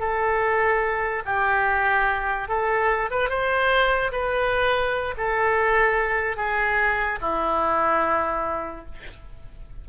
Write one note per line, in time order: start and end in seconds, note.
0.00 1.23 A4
1.26 2.48 G4
2.48 3.10 A4
3.11 3.30 B4
3.30 4.12 C5
4.12 5.15 B4
5.18 6.37 A4
6.37 7.19 G#4
7.21 8.86 E4